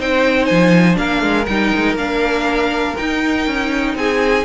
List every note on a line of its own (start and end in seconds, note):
0.00 0.50 C4
0.00 0.95 D#4
0.00 0.99 C5
0.00 0.46 G5
0.46 0.98 F3
0.46 0.96 G#5
0.95 1.23 A#3
0.95 1.44 D4
0.95 3.97 A#4
0.95 1.46 F5
1.23 1.47 G#3
1.46 1.73 G3
1.46 1.98 D#4
1.46 1.96 G5
1.76 1.95 G#3
1.95 2.94 A#3
1.95 2.97 D4
1.95 2.97 F5
2.97 4.45 D#4
2.97 3.47 D#4
2.97 3.96 G5
3.47 3.95 C#4
3.95 4.45 C4
3.95 4.45 G#4
3.95 4.45 G#5